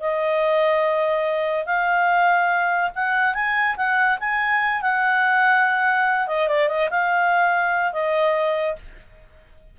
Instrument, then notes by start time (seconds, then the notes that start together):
clarinet
0.00 D#5
1.66 F5
2.95 F#5
3.34 G#5
3.77 F#5
4.20 G#5
4.82 F#5
6.27 D#5
6.48 D5
6.68 D#5
6.90 F5
7.93 D#5